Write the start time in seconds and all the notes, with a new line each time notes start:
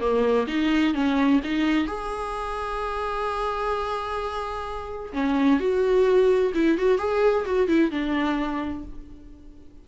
0.00 A#3
0.48 D#4
0.94 C#4
1.44 D#4
1.87 G#4
5.13 C#4
5.60 F#4
6.54 E4
6.78 F#4
6.99 G#4
7.45 F#4
7.68 E4
7.91 D4